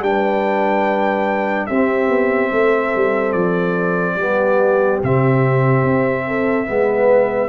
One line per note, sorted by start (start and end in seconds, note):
0.00 1.67 G3
0.00 1.70 D4
0.00 1.67 G5
0.07 1.68 B4
1.67 2.08 C4
1.67 4.20 C4
1.67 2.51 G4
1.67 3.33 E5
2.08 2.50 B3
2.52 2.94 A3
2.52 4.15 A4
2.96 3.34 G3
3.33 4.16 F3
3.33 4.99 D5
4.15 4.99 G3
4.15 5.03 B3
4.15 6.24 G4
5.03 5.84 C3
5.03 6.67 C4
5.03 7.49 E5
5.84 6.67 C4
6.27 6.67 A4
6.67 7.49 G#3
6.67 7.49 B3
6.67 7.49 B4